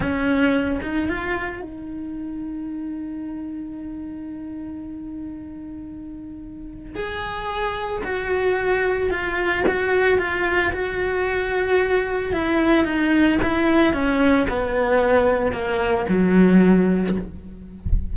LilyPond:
\new Staff \with { instrumentName = "cello" } { \time 4/4 \tempo 4 = 112 cis'4. dis'8 f'4 dis'4~ | dis'1~ | dis'1~ | dis'4 gis'2 fis'4~ |
fis'4 f'4 fis'4 f'4 | fis'2. e'4 | dis'4 e'4 cis'4 b4~ | b4 ais4 fis2 | }